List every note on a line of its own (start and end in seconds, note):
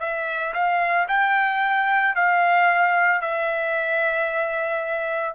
0.00 0.54 E5
0.54 1.08 F5
1.08 2.15 G5
2.15 3.21 F5
3.21 5.35 E5